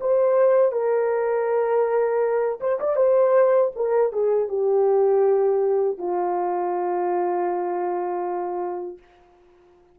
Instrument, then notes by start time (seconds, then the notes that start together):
horn
0.00 C5
0.72 A#4
2.60 C5
2.79 D5
2.96 C5
3.75 A#4
4.12 G#4
4.48 G4
5.98 F4